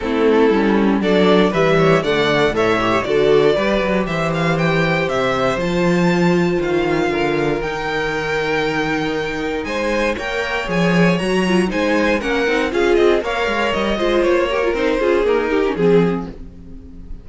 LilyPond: <<
  \new Staff \with { instrumentName = "violin" } { \time 4/4 \tempo 4 = 118 a'2 d''4 e''4 | fis''4 e''4 d''2 | e''8 f''8 g''4 e''4 a''4~ | a''4 f''2 g''4~ |
g''2. gis''4 | g''4 gis''4 ais''4 gis''4 | fis''4 f''8 dis''8 f''4 dis''4 | cis''4 c''4 ais'4 gis'4 | }
  \new Staff \with { instrumentName = "violin" } { \time 4/4 e'2 a'4 b'8 cis''8 | d''4 cis''4 a'4 b'4 | c''1~ | c''2 ais'2~ |
ais'2. c''4 | cis''2. c''4 | ais'4 gis'4 cis''4. c''8~ | c''8 ais'4 gis'4 g'8 gis'4 | }
  \new Staff \with { instrumentName = "viola" } { \time 4/4 c'4 cis'4 d'4 g4 | a4 a'8 g'8 fis'4 g'4~ | g'2. f'4~ | f'2. dis'4~ |
dis'1 | ais'4 gis'4 fis'8 f'8 dis'4 | cis'8 dis'8 f'4 ais'4. f'8~ | f'8 g'16 f'16 dis'8 f'8 ais8 dis'16 cis'16 c'4 | }
  \new Staff \with { instrumentName = "cello" } { \time 4/4 a4 g4 fis4 e4 | d4 a,4 d4 g8 fis8 | e2 c4 f4~ | f4 dis4 d4 dis4~ |
dis2. gis4 | ais4 f4 fis4 gis4 | ais8 c'8 cis'8 c'8 ais8 gis8 g8 gis8 | ais4 c'8 cis'8 dis'4 f4 | }
>>